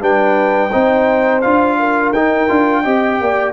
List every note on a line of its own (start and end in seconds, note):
0.00 0.71 G3
0.00 0.71 D4
0.00 0.71 B4
0.00 1.41 G5
0.71 1.44 C4
0.71 1.42 D#4
0.71 1.77 C5
1.41 2.11 D4
1.41 2.14 F4
1.41 2.12 F5
1.79 2.82 A#4
2.11 2.47 D#4
2.11 2.48 D#4
2.11 3.52 G5
2.48 2.85 D4
2.48 2.84 F4
2.82 3.20 C4
2.82 3.52 G4
2.82 3.18 D#5
3.20 3.52 A#3
3.20 3.52 D5